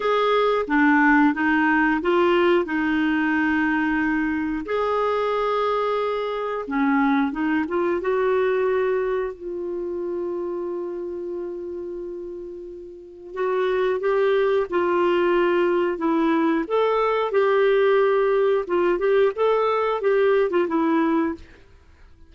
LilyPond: \new Staff \with { instrumentName = "clarinet" } { \time 4/4 \tempo 4 = 90 gis'4 d'4 dis'4 f'4 | dis'2. gis'4~ | gis'2 cis'4 dis'8 f'8 | fis'2 f'2~ |
f'1 | fis'4 g'4 f'2 | e'4 a'4 g'2 | f'8 g'8 a'4 g'8. f'16 e'4 | }